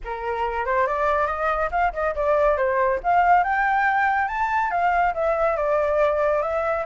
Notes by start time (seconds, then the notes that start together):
0.04 A#4
0.65 C5
0.86 D5
1.26 D#5
1.71 F5
1.93 D#5
2.15 D5
2.57 C5
3.03 F5
3.43 G5
4.28 A5
4.70 F5
5.14 E5
5.56 D5
6.42 E5